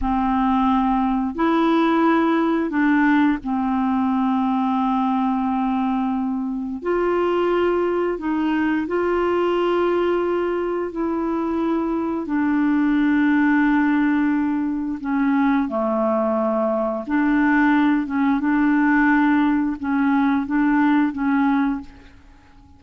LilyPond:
\new Staff \with { instrumentName = "clarinet" } { \time 4/4 \tempo 4 = 88 c'2 e'2 | d'4 c'2.~ | c'2 f'2 | dis'4 f'2. |
e'2 d'2~ | d'2 cis'4 a4~ | a4 d'4. cis'8 d'4~ | d'4 cis'4 d'4 cis'4 | }